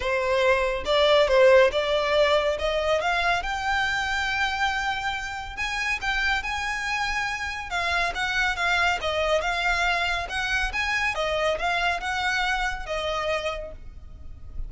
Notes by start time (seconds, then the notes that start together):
0.00 C5
0.85 D5
1.28 C5
1.71 D5
2.58 D#5
3.01 F5
3.42 G5
5.56 G#5
6.01 G5
6.43 G#5
7.70 F5
8.14 F#5
8.56 F5
9.01 D#5
9.41 F5
10.29 F#5
10.72 G#5
11.14 D#5
11.59 F5
12.00 F#5
12.86 D#5